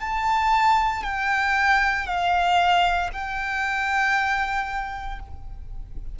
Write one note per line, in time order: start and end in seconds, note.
0.00 1.03 A5
1.03 2.06 G5
2.06 3.10 F5
3.13 5.20 G5